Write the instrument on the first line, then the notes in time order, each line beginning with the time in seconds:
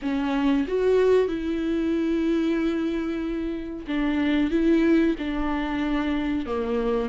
viola
0.02 C#4
0.67 F#4
1.28 E4
3.87 D4
4.50 E4
5.18 D4
6.45 A#3